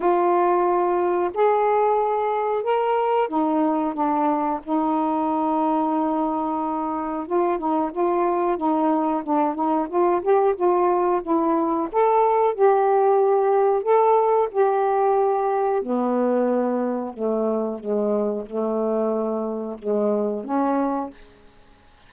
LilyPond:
\new Staff \with { instrumentName = "saxophone" } { \time 4/4 \tempo 4 = 91 f'2 gis'2 | ais'4 dis'4 d'4 dis'4~ | dis'2. f'8 dis'8 | f'4 dis'4 d'8 dis'8 f'8 g'8 |
f'4 e'4 a'4 g'4~ | g'4 a'4 g'2 | b2 a4 gis4 | a2 gis4 cis'4 | }